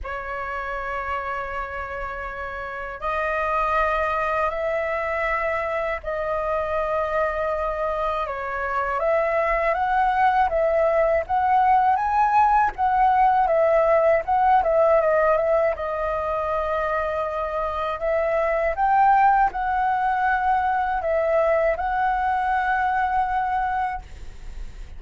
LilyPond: \new Staff \with { instrumentName = "flute" } { \time 4/4 \tempo 4 = 80 cis''1 | dis''2 e''2 | dis''2. cis''4 | e''4 fis''4 e''4 fis''4 |
gis''4 fis''4 e''4 fis''8 e''8 | dis''8 e''8 dis''2. | e''4 g''4 fis''2 | e''4 fis''2. | }